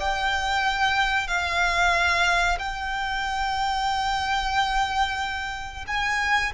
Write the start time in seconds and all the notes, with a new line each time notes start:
0.00 G5
1.28 F5
2.59 G5
5.88 G#5